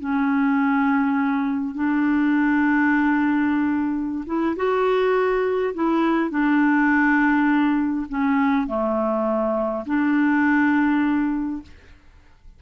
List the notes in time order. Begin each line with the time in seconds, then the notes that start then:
0.00 C#4
1.75 D4
4.26 E4
4.56 F#4
5.74 E4
6.30 D4
8.09 C#4
8.67 A3
9.86 D4